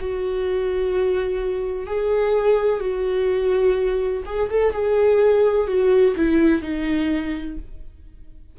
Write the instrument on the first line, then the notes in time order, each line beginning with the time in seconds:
viola
0.00 F#4
1.87 G#4
2.80 F#4
4.26 G#4
4.50 A4
4.73 G#4
5.68 F#4
6.16 E4
6.62 D#4